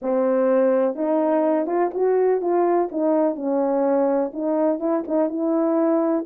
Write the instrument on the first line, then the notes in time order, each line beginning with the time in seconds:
horn
0.02 C4
0.95 D#4
1.66 F4
1.94 F#4
2.41 F4
2.91 D#4
3.35 C#4
4.33 D#4
4.79 E4
5.07 D#4
5.29 E4